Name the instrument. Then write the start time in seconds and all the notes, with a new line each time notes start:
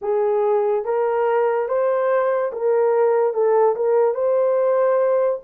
horn
0.01 G#4
0.84 A#4
1.68 C5
2.52 A#4
3.33 A4
3.75 A#4
4.14 C5